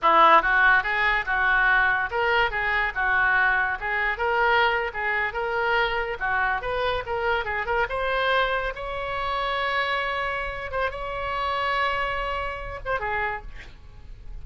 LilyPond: \new Staff \with { instrumentName = "oboe" } { \time 4/4 \tempo 4 = 143 e'4 fis'4 gis'4 fis'4~ | fis'4 ais'4 gis'4 fis'4~ | fis'4 gis'4 ais'4.~ ais'16 gis'16~ | gis'8. ais'2 fis'4 b'16~ |
b'8. ais'4 gis'8 ais'8 c''4~ c''16~ | c''8. cis''2.~ cis''16~ | cis''4. c''8 cis''2~ | cis''2~ cis''8 c''8 gis'4 | }